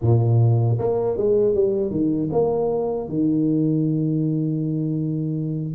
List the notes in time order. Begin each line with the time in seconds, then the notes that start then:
0.01 A#2
0.79 A#3
1.17 G#3
1.54 G3
1.91 D#3
2.32 A#3
3.08 D#3